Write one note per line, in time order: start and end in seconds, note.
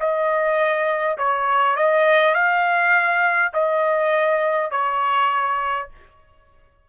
0.00 1.18 D#5
1.18 1.76 C#5
1.76 2.35 D#5
2.35 3.52 F5
3.53 4.71 D#5
4.71 5.89 C#5